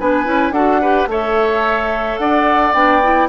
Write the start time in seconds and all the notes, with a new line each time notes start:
0.00 B3 D4 B4 G#5
0.25 C#4 E4
0.51 D4 F#4 A4 F#5
0.82 G4 B4
1.07 A3 A4 C#5 E5
2.18 D4 D5 F#5
2.74 B3 D4 G5
3.03 E4